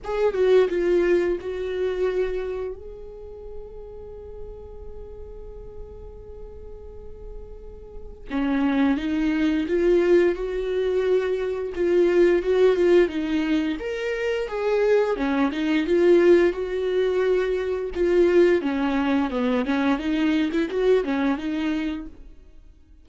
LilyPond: \new Staff \with { instrumentName = "viola" } { \time 4/4 \tempo 4 = 87 gis'8 fis'8 f'4 fis'2 | gis'1~ | gis'1 | cis'4 dis'4 f'4 fis'4~ |
fis'4 f'4 fis'8 f'8 dis'4 | ais'4 gis'4 cis'8 dis'8 f'4 | fis'2 f'4 cis'4 | b8 cis'8 dis'8. e'16 fis'8 cis'8 dis'4 | }